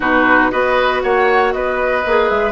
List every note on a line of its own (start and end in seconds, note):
0.00 0.50 B2
0.00 0.51 D#4
0.00 0.51 F#4
0.00 0.51 B4
0.51 1.03 B3
0.51 2.03 F#4
0.51 1.02 B4
0.51 1.02 D#5
1.02 1.54 A#3
1.02 1.54 C#5
1.02 1.52 F#5
1.52 2.05 B3
1.52 2.51 B4
1.52 2.28 D#5
2.05 2.30 A#3
2.05 2.51 G#4
2.28 2.51 G#3
2.28 2.51 E5